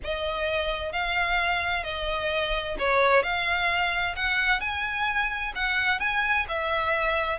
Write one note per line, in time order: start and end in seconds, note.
0.04 0.92 D#5
0.92 1.83 F5
1.83 2.76 D#5
2.78 3.22 C#5
3.22 4.15 F5
4.15 4.60 F#5
4.60 5.53 G#5
5.55 5.99 F#5
5.99 6.46 G#5
6.48 7.38 E5